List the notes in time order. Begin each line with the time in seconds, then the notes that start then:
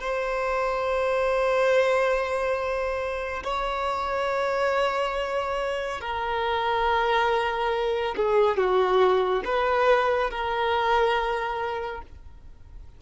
0.00 C5
3.44 C#5
6.01 A#4
8.16 G#4
8.57 F#4
9.45 B4
10.30 A#4